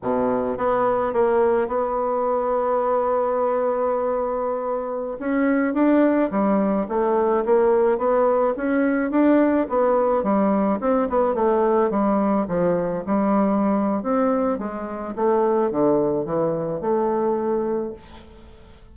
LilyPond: \new Staff \with { instrumentName = "bassoon" } { \time 4/4 \tempo 4 = 107 b,4 b4 ais4 b4~ | b1~ | b4~ b16 cis'4 d'4 g8.~ | g16 a4 ais4 b4 cis'8.~ |
cis'16 d'4 b4 g4 c'8 b16~ | b16 a4 g4 f4 g8.~ | g4 c'4 gis4 a4 | d4 e4 a2 | }